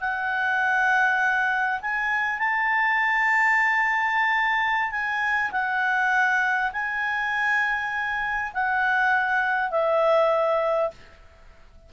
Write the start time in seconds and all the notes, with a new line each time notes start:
0.00 F#5
1.81 G#5
2.38 A5
4.91 G#5
5.51 F#5
6.72 G#5
8.53 F#5
9.70 E5